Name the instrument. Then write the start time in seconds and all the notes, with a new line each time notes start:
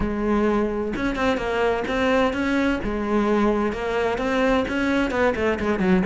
cello
0.00 G#3
0.96 C#4
1.15 C4
1.37 A#3
1.87 C4
2.33 C#4
2.84 G#3
3.72 A#3
4.18 C4
4.68 C#4
5.10 B3
5.35 A3
5.59 G#3
5.79 F#3